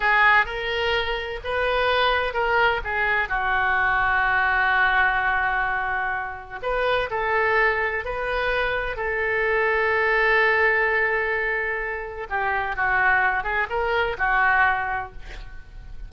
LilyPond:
\new Staff \with { instrumentName = "oboe" } { \time 4/4 \tempo 4 = 127 gis'4 ais'2 b'4~ | b'4 ais'4 gis'4 fis'4~ | fis'1~ | fis'2 b'4 a'4~ |
a'4 b'2 a'4~ | a'1~ | a'2 g'4 fis'4~ | fis'8 gis'8 ais'4 fis'2 | }